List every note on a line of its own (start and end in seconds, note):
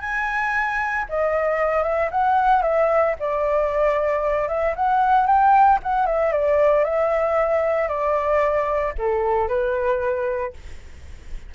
0.00 1.05 G#5
1.09 1.83 D#5
1.83 2.09 E5
2.11 2.62 F#5
2.62 3.15 E5
3.19 4.48 D5
4.48 4.74 E5
4.76 5.26 F#5
5.26 5.79 G5
5.83 6.06 F#5
6.06 6.32 E5
6.32 6.84 D5
6.84 7.88 E5
7.88 8.93 D5
8.98 9.48 A4
9.48 10.53 B4